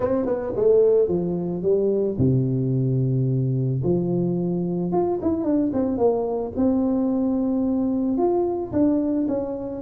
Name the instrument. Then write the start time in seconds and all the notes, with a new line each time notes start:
tuba
0.00 C4
0.25 B3
0.56 A3
1.08 F3
1.62 G3
2.17 C3
3.83 F3
4.92 F4
5.22 E4
5.43 D4
5.73 C4
5.97 A#3
6.56 C4
8.17 F4
8.72 D4
9.28 C#4